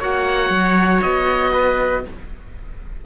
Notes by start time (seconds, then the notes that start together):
0.00 A#3 F#4 C#5 F#5
0.50 F#3
1.02 B3 D#5
1.53 B4